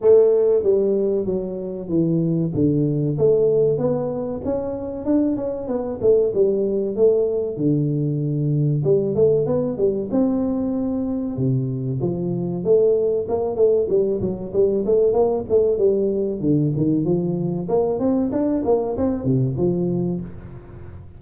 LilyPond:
\new Staff \with { instrumentName = "tuba" } { \time 4/4 \tempo 4 = 95 a4 g4 fis4 e4 | d4 a4 b4 cis'4 | d'8 cis'8 b8 a8 g4 a4 | d2 g8 a8 b8 g8 |
c'2 c4 f4 | a4 ais8 a8 g8 fis8 g8 a8 | ais8 a8 g4 d8 dis8 f4 | ais8 c'8 d'8 ais8 c'8 c8 f4 | }